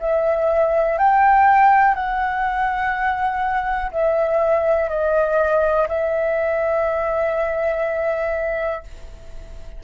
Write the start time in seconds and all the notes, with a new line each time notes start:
0.00 E5
0.98 G5
1.94 F#5
3.91 E5
4.89 D#5
5.88 E5